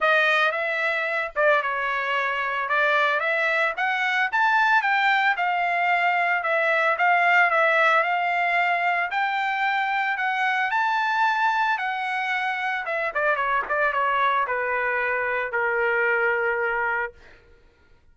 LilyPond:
\new Staff \with { instrumentName = "trumpet" } { \time 4/4 \tempo 4 = 112 dis''4 e''4. d''8 cis''4~ | cis''4 d''4 e''4 fis''4 | a''4 g''4 f''2 | e''4 f''4 e''4 f''4~ |
f''4 g''2 fis''4 | a''2 fis''2 | e''8 d''8 cis''8 d''8 cis''4 b'4~ | b'4 ais'2. | }